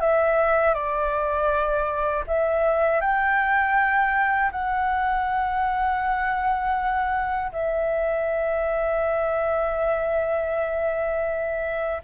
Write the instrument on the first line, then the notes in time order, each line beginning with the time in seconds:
flute
0.00 E5
0.74 D5
2.27 E5
3.00 G5
4.51 F#5
7.51 E5